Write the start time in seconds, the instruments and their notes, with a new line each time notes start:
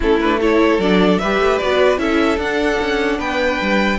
0.00 cello A3, viola C#4, violin E4 A4
0.20 viola D4, violin B4
0.40 viola E4, violin A4 C#5
0.78 cello F#3, viola D4, violin D5
1.18 cello G3, viola G4, violin B4 E5
1.38 cello A3
1.57 cello B3, viola F#4, violin D5
1.97 cello C#4, viola E4, violin A4 E5
2.37 cello D4, viola D4, violin F#5
2.80 cello C#4
3.18 cello B3, violin B4 G5
3.61 cello G3